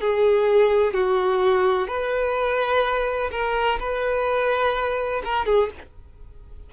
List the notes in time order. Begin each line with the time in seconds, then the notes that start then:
0.00 G#4
0.94 F#4
1.87 B4
3.31 A#4
3.79 B4
5.24 A#4
5.45 G#4